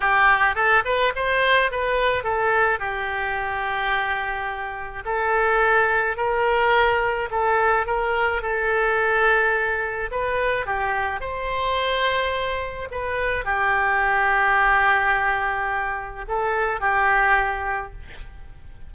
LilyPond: \new Staff \with { instrumentName = "oboe" } { \time 4/4 \tempo 4 = 107 g'4 a'8 b'8 c''4 b'4 | a'4 g'2.~ | g'4 a'2 ais'4~ | ais'4 a'4 ais'4 a'4~ |
a'2 b'4 g'4 | c''2. b'4 | g'1~ | g'4 a'4 g'2 | }